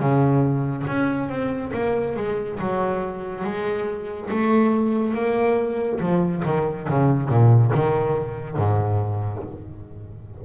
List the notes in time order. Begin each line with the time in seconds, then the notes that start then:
0.00 C#3
0.88 C#4
1.30 C4
1.74 A#3
2.17 G#3
2.60 F#3
3.45 G#3
4.31 A3
5.15 A#3
6.01 F3
6.46 D#3
6.90 C#3
7.29 A#2
7.75 D#3
8.58 G#2